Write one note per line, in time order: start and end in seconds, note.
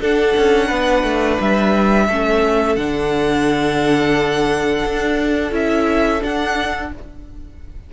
0.00 0.34 D4
0.00 2.09 D4
0.00 0.67 A4
0.00 1.41 F#5
0.37 0.71 C#4
0.67 1.03 B3
0.67 2.05 B4
1.03 1.38 A3
1.40 2.08 G3
1.40 2.76 E5
2.07 2.76 A3
2.07 2.78 C#4
2.07 6.90 A4
2.76 4.83 D3
2.76 5.51 D4
2.76 5.52 F#5
4.85 5.52 D4
5.51 6.21 C#4
5.51 6.20 E4
5.51 6.23 E5
6.20 6.89 D4
6.20 6.93 D4
6.20 6.92 F#5